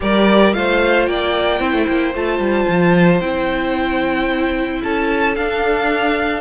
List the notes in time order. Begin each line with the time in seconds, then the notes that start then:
0.00 G3 G4 A#4 D5
0.53 A3 F4 C5 F5
1.06 A#3 D5 G5
1.59 C4 E4 C5
1.72 A3
1.88 A#3
2.14 A3 F4 A5
2.38 G3
2.68 F3
3.20 C4 E4 G5
4.83 C#4 A4 A5
5.35 D4 F5